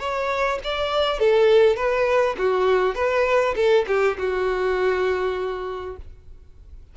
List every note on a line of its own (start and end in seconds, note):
0.00 0.59 C#5
0.64 1.20 D5
1.20 1.77 A4
1.77 2.36 B4
2.39 2.96 F#4
2.96 3.55 B4
3.56 3.86 A4
3.88 4.18 G4
4.19 5.97 F#4